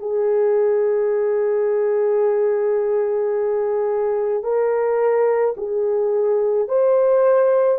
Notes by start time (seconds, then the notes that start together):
0.00 G#4
4.44 A#4
5.58 G#4
6.69 C5